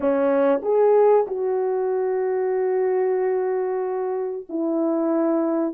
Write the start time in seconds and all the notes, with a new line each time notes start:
0.00 C#4
0.62 G#4
1.27 F#4
4.49 E4